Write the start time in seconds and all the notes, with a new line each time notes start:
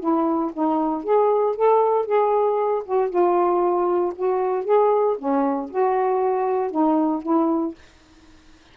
0.00 E4
0.54 D#4
1.04 G#4
1.56 A4
2.06 G#4
2.86 F#4
3.10 F4
4.16 F#4
4.65 G#4
5.19 C#4
5.71 F#4
6.72 D#4
7.23 E4